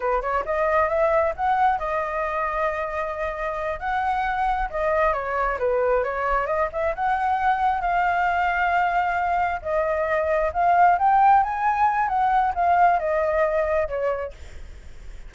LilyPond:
\new Staff \with { instrumentName = "flute" } { \time 4/4 \tempo 4 = 134 b'8 cis''8 dis''4 e''4 fis''4 | dis''1~ | dis''8 fis''2 dis''4 cis''8~ | cis''8 b'4 cis''4 dis''8 e''8 fis''8~ |
fis''4. f''2~ f''8~ | f''4. dis''2 f''8~ | f''8 g''4 gis''4. fis''4 | f''4 dis''2 cis''4 | }